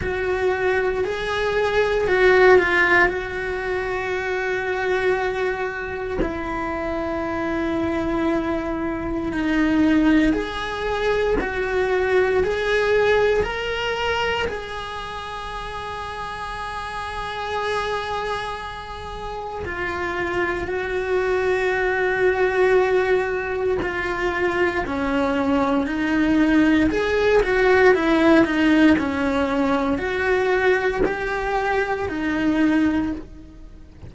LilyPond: \new Staff \with { instrumentName = "cello" } { \time 4/4 \tempo 4 = 58 fis'4 gis'4 fis'8 f'8 fis'4~ | fis'2 e'2~ | e'4 dis'4 gis'4 fis'4 | gis'4 ais'4 gis'2~ |
gis'2. f'4 | fis'2. f'4 | cis'4 dis'4 gis'8 fis'8 e'8 dis'8 | cis'4 fis'4 g'4 dis'4 | }